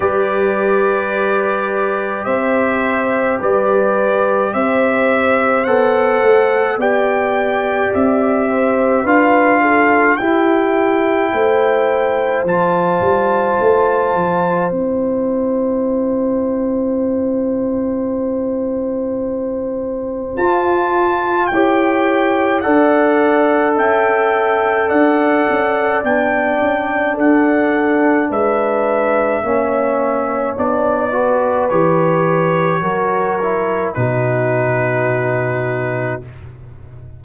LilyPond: <<
  \new Staff \with { instrumentName = "trumpet" } { \time 4/4 \tempo 4 = 53 d''2 e''4 d''4 | e''4 fis''4 g''4 e''4 | f''4 g''2 a''4~ | a''4 g''2.~ |
g''2 a''4 g''4 | fis''4 g''4 fis''4 g''4 | fis''4 e''2 d''4 | cis''2 b'2 | }
  \new Staff \with { instrumentName = "horn" } { \time 4/4 b'2 c''4 b'4 | c''2 d''4. c''8 | b'8 a'8 g'4 c''2~ | c''1~ |
c''2. cis''4 | d''4 e''4 d''2 | a'4 b'4 cis''4. b'8~ | b'4 ais'4 fis'2 | }
  \new Staff \with { instrumentName = "trombone" } { \time 4/4 g'1~ | g'4 a'4 g'2 | f'4 e'2 f'4~ | f'4 e'2.~ |
e'2 f'4 g'4 | a'2. d'4~ | d'2 cis'4 d'8 fis'8 | g'4 fis'8 e'8 dis'2 | }
  \new Staff \with { instrumentName = "tuba" } { \time 4/4 g2 c'4 g4 | c'4 b8 a8 b4 c'4 | d'4 e'4 a4 f8 g8 | a8 f8 c'2.~ |
c'2 f'4 e'4 | d'4 cis'4 d'8 cis'8 b8 cis'8 | d'4 gis4 ais4 b4 | e4 fis4 b,2 | }
>>